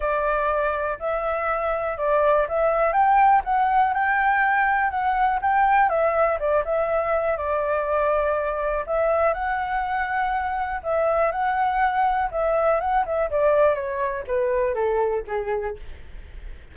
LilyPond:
\new Staff \with { instrumentName = "flute" } { \time 4/4 \tempo 4 = 122 d''2 e''2 | d''4 e''4 g''4 fis''4 | g''2 fis''4 g''4 | e''4 d''8 e''4. d''4~ |
d''2 e''4 fis''4~ | fis''2 e''4 fis''4~ | fis''4 e''4 fis''8 e''8 d''4 | cis''4 b'4 a'4 gis'4 | }